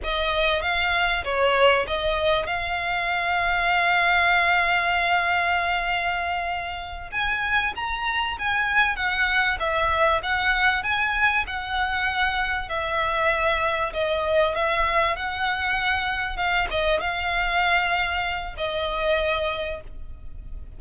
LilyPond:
\new Staff \with { instrumentName = "violin" } { \time 4/4 \tempo 4 = 97 dis''4 f''4 cis''4 dis''4 | f''1~ | f''2.~ f''8 gis''8~ | gis''8 ais''4 gis''4 fis''4 e''8~ |
e''8 fis''4 gis''4 fis''4.~ | fis''8 e''2 dis''4 e''8~ | e''8 fis''2 f''8 dis''8 f''8~ | f''2 dis''2 | }